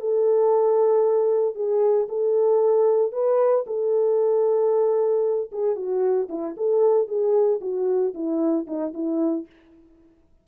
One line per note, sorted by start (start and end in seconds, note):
0.00 1.55 A4
1.55 2.07 G#4
2.08 3.12 A4
3.12 3.65 B4
3.66 5.50 A4
5.51 5.75 G#4
5.75 6.28 F#4
6.28 6.55 E4
6.57 7.07 A4
7.07 7.60 G#4
7.61 8.13 F#4
8.14 8.66 E4
8.67 8.93 D#4
8.93 9.46 E4